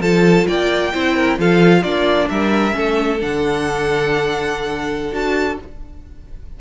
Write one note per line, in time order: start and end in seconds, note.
0.00 0.45 F3
0.00 0.93 F4
0.00 0.47 A4
0.00 0.47 A5
0.47 0.94 A#3
0.47 0.93 D5
0.47 1.39 G5
0.93 1.38 C4
0.93 1.38 E4
0.93 1.16 C5
1.16 1.39 A#4
1.38 1.84 F3
1.38 1.84 F4
1.38 1.81 A4
1.38 1.83 F5
1.81 2.29 A#3
1.81 2.72 D4
1.81 2.27 F4
1.81 2.28 D5
2.29 2.75 G3
2.29 2.76 A#4
2.29 3.20 E5
2.72 3.22 A3
2.72 3.17 C#4
2.72 5.60 A4
3.20 5.12 D3
3.20 5.13 D4
3.20 5.14 F#5
5.12 5.58 D4
5.12 5.58 F#4
5.12 5.60 A5